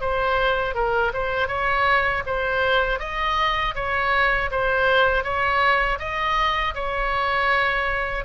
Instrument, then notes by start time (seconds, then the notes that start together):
oboe
0.00 C5
0.74 A#4
1.13 C5
1.47 C#5
2.26 C5
2.99 D#5
3.75 C#5
4.50 C5
5.23 C#5
5.99 D#5
6.74 C#5